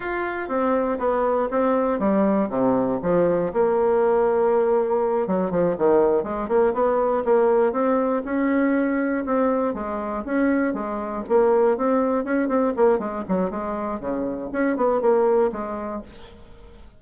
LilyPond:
\new Staff \with { instrumentName = "bassoon" } { \time 4/4 \tempo 4 = 120 f'4 c'4 b4 c'4 | g4 c4 f4 ais4~ | ais2~ ais8 fis8 f8 dis8~ | dis8 gis8 ais8 b4 ais4 c'8~ |
c'8 cis'2 c'4 gis8~ | gis8 cis'4 gis4 ais4 c'8~ | c'8 cis'8 c'8 ais8 gis8 fis8 gis4 | cis4 cis'8 b8 ais4 gis4 | }